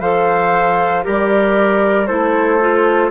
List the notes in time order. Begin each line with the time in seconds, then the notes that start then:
0.00 F3 A4 C5 F5
1.03 G3 G4 A#4 D5
2.06 A3 E4 A4 C5
2.60 F4